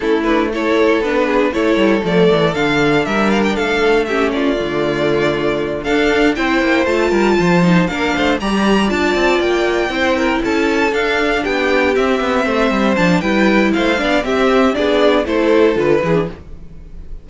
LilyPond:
<<
  \new Staff \with { instrumentName = "violin" } { \time 4/4 \tempo 4 = 118 a'8 b'8 cis''4 b'4 cis''4 | d''4 f''4 e''8 f''16 g''16 f''4 | e''8 d''2. f''8~ | f''8 g''4 a''2 f''8~ |
f''8 ais''4 a''4 g''4.~ | g''8 a''4 f''4 g''4 e''8~ | e''4. a''8 g''4 f''4 | e''4 d''4 c''4 b'4 | }
  \new Staff \with { instrumentName = "violin" } { \time 4/4 e'4 a'4. gis'8 a'4~ | a'2 ais'4 a'4 | g'8 f'2. a'8~ | a'8 c''4. ais'8 c''4 ais'8 |
c''8 d''2. c''8 | ais'8 a'2 g'4.~ | g'8 c''4. b'4 c''8 d''8 | g'4 gis'4 a'4. gis'8 | }
  \new Staff \with { instrumentName = "viola" } { \time 4/4 cis'8 d'8 e'4 d'4 e'4 | a4 d'2. | cis'4 a2~ a8 d'8~ | d'8 e'4 f'4. dis'8 d'8~ |
d'8 g'4 f'2 e'8~ | e'4. d'2 c'8~ | c'4. d'8 e'4. d'8 | c'4 d'4 e'4 f'8 e'16 d'16 | }
  \new Staff \with { instrumentName = "cello" } { \time 4/4 a2 b4 a8 g8 | f8 e8 d4 g4 a4~ | a4 d2~ d8 d'8~ | d'8 c'8 ais8 a8 g8 f4 ais8 |
a8 g4 d'8 c'8 ais4 c'8~ | c'8 cis'4 d'4 b4 c'8 | b8 a8 g8 f8 g4 a8 b8 | c'4 b4 a4 d8 e8 | }
>>